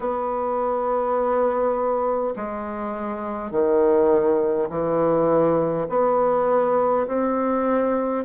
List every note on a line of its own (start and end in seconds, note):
0.00 2.34 B3
2.35 3.51 G#3
3.51 4.68 D#3
4.69 5.87 E3
5.89 7.06 B3
7.07 8.25 C4